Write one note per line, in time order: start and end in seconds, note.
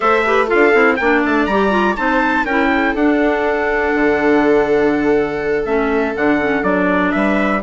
0.00 0.50 A3
0.00 0.23 A4
0.00 0.24 C5
0.00 0.48 E5
0.24 0.47 G4
0.24 0.47 B4
0.47 0.71 F4
0.47 0.96 A4
0.47 0.96 F5
0.54 0.74 D4
0.73 0.98 C4
0.73 0.98 E4
0.96 1.24 A#3
0.96 1.50 D4
0.96 1.97 D5
0.96 1.20 G5
1.25 1.46 A3
1.25 1.45 A5
1.45 1.95 G3
1.45 1.70 G4
1.45 1.95 A#5
1.70 1.94 F4
1.96 2.44 C4
1.96 2.45 D#4
1.96 2.44 C5
1.96 2.45 A5
2.44 2.93 C#4
2.44 2.96 E4
2.44 2.68 A#4
2.44 2.94 G5
2.71 7.11 A4
2.94 3.93 D4
2.94 5.65 D4
2.94 5.65 F#5
3.94 5.64 D3
5.64 6.14 A3
5.64 6.15 C#4
5.64 6.14 E5
6.15 6.62 D3
6.15 6.39 D4
6.15 6.63 F#5
6.40 6.62 C#4
6.62 7.12 F#3
6.62 7.61 D4
6.62 7.11 D5
7.11 7.63 G3
7.11 7.61 B4
7.11 7.60 E5